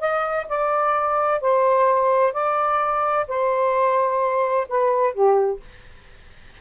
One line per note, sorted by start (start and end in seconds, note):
0.00 0.47 D#5
0.48 1.41 D5
1.41 2.33 C5
2.33 3.26 D5
3.28 4.67 C5
4.68 5.14 B4
5.14 5.60 G4